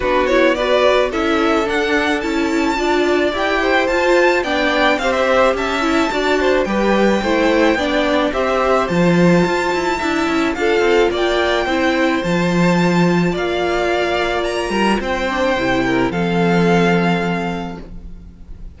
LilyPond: <<
  \new Staff \with { instrumentName = "violin" } { \time 4/4 \tempo 4 = 108 b'8 cis''8 d''4 e''4 fis''4 | a''2 g''4 a''4 | g''4 f''16 e''8. a''2 | g''2. e''4 |
a''2. f''4 | g''2 a''2 | f''2 ais''4 g''4~ | g''4 f''2. | }
  \new Staff \with { instrumentName = "violin" } { \time 4/4 fis'4 b'4 a'2~ | a'4 d''4. c''4. | d''4 c''4 e''4 d''8 c''8 | b'4 c''4 d''4 c''4~ |
c''2 e''4 a'4 | d''4 c''2. | d''2~ d''8 ais'8 c''4~ | c''8 ais'8 a'2. | }
  \new Staff \with { instrumentName = "viola" } { \time 4/4 d'8 e'8 fis'4 e'4 d'4 | e'4 f'4 g'4 f'4 | d'4 g'4. e'8 fis'4 | g'4 e'4 d'4 g'4 |
f'2 e'4 f'4~ | f'4 e'4 f'2~ | f'2.~ f'8 d'8 | e'4 c'2. | }
  \new Staff \with { instrumentName = "cello" } { \time 4/4 b2 cis'4 d'4 | cis'4 d'4 e'4 f'4 | b4 c'4 cis'4 d'4 | g4 a4 b4 c'4 |
f4 f'8 e'8 d'8 cis'8 d'8 c'8 | ais4 c'4 f2 | ais2~ ais8 g8 c'4 | c4 f2. | }
>>